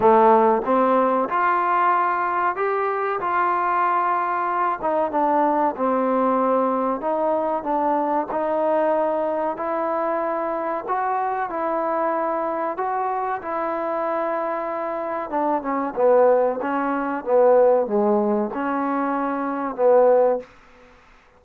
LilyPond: \new Staff \with { instrumentName = "trombone" } { \time 4/4 \tempo 4 = 94 a4 c'4 f'2 | g'4 f'2~ f'8 dis'8 | d'4 c'2 dis'4 | d'4 dis'2 e'4~ |
e'4 fis'4 e'2 | fis'4 e'2. | d'8 cis'8 b4 cis'4 b4 | gis4 cis'2 b4 | }